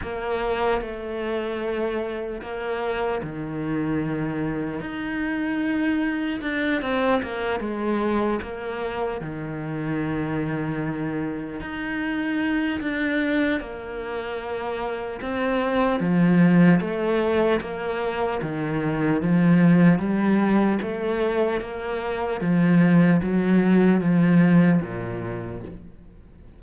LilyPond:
\new Staff \with { instrumentName = "cello" } { \time 4/4 \tempo 4 = 75 ais4 a2 ais4 | dis2 dis'2 | d'8 c'8 ais8 gis4 ais4 dis8~ | dis2~ dis8 dis'4. |
d'4 ais2 c'4 | f4 a4 ais4 dis4 | f4 g4 a4 ais4 | f4 fis4 f4 ais,4 | }